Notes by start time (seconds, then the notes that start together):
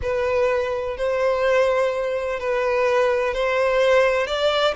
0.02 B4
0.97 C5
2.39 B4
3.33 C5
4.26 D5